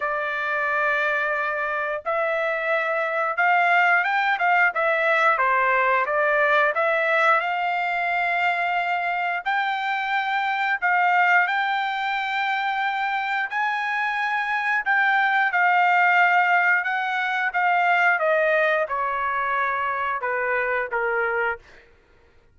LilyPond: \new Staff \with { instrumentName = "trumpet" } { \time 4/4 \tempo 4 = 89 d''2. e''4~ | e''4 f''4 g''8 f''8 e''4 | c''4 d''4 e''4 f''4~ | f''2 g''2 |
f''4 g''2. | gis''2 g''4 f''4~ | f''4 fis''4 f''4 dis''4 | cis''2 b'4 ais'4 | }